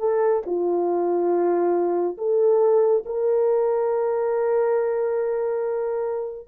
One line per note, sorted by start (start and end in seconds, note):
0.00 0.43 A4
0.46 2.18 F4
2.18 3.04 A4
3.06 6.48 A#4